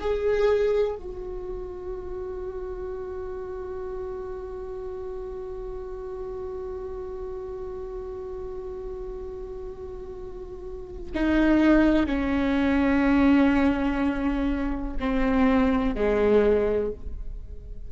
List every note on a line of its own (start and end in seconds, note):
0.00 0.95 G#4
0.95 11.11 F#4
11.14 12.06 D#4
12.06 14.96 C#4
15.00 15.95 C4
15.95 16.92 G#3